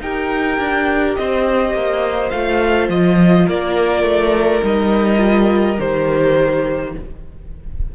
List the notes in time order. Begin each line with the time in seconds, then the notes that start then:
0.00 D#4 G4 A#4 G5
0.59 D4
1.16 C4 C5 D#5
1.74 A#3
2.30 A3 F4 F5
2.88 F3 D#5
3.46 A#3 A#4 D5
4.03 A3
4.61 G3 D#4 D#5
5.18 F4
5.77 D#3 G4 C5